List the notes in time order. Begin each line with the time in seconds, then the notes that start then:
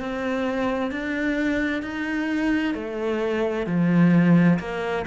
0.00 C4
0.91 D4
1.83 D#4
2.74 A3
3.66 F3
4.59 A#3